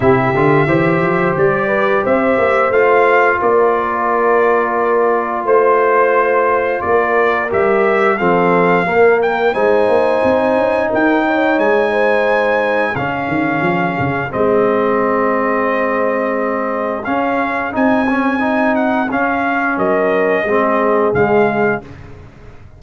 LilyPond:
<<
  \new Staff \with { instrumentName = "trumpet" } { \time 4/4 \tempo 4 = 88 e''2 d''4 e''4 | f''4 d''2. | c''2 d''4 e''4 | f''4. g''8 gis''2 |
g''4 gis''2 f''4~ | f''4 dis''2.~ | dis''4 f''4 gis''4. fis''8 | f''4 dis''2 f''4 | }
  \new Staff \with { instrumentName = "horn" } { \time 4/4 g'4 c''4. b'8 c''4~ | c''4 ais'2. | c''2 ais'2 | a'4 ais'4 c''2 |
ais'8 cis''4 c''4. gis'4~ | gis'1~ | gis'1~ | gis'4 ais'4 gis'2 | }
  \new Staff \with { instrumentName = "trombone" } { \time 4/4 e'8 f'8 g'2. | f'1~ | f'2. g'4 | c'4 ais4 dis'2~ |
dis'2. cis'4~ | cis'4 c'2.~ | c'4 cis'4 dis'8 cis'8 dis'4 | cis'2 c'4 gis4 | }
  \new Staff \with { instrumentName = "tuba" } { \time 4/4 c8 d8 e8 f8 g4 c'8 ais8 | a4 ais2. | a2 ais4 g4 | f4 ais4 gis8 ais8 c'8 cis'8 |
dis'4 gis2 cis8 dis8 | f8 cis8 gis2.~ | gis4 cis'4 c'2 | cis'4 fis4 gis4 cis4 | }
>>